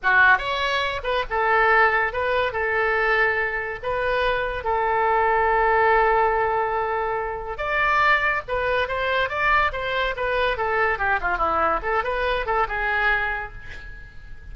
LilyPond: \new Staff \with { instrumentName = "oboe" } { \time 4/4 \tempo 4 = 142 fis'4 cis''4. b'8 a'4~ | a'4 b'4 a'2~ | a'4 b'2 a'4~ | a'1~ |
a'2 d''2 | b'4 c''4 d''4 c''4 | b'4 a'4 g'8 f'8 e'4 | a'8 b'4 a'8 gis'2 | }